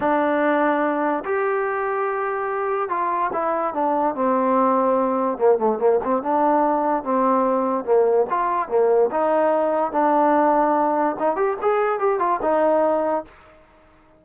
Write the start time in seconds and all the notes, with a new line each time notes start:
0.00 D4
1.24 G4
2.89 F4
3.32 E4
3.74 D4
4.14 C4
5.37 A#3
5.58 A3
5.79 A#3
6.04 C4
6.22 D4
7.03 C4
7.85 A#3
8.30 F4
8.68 A#3
9.11 D#4
9.92 D4
11.19 D#4
11.36 G4
11.61 G#4
11.99 G4
12.19 F4
12.42 D#4